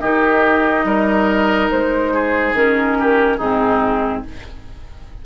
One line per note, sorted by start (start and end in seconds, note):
0.00 0.84 D#3
0.00 2.55 D#4
0.00 0.85 G4
0.00 1.69 D#5
0.84 1.69 G3
0.84 2.13 A#4
1.70 2.52 G#3
1.70 2.55 C5
2.13 2.98 G#4
2.52 3.37 D#3
2.52 3.40 C#4
2.52 3.38 A#4
2.99 3.37 G4
3.37 4.23 G#2
3.37 4.25 C4
3.37 4.21 D#4
3.37 4.23 G#4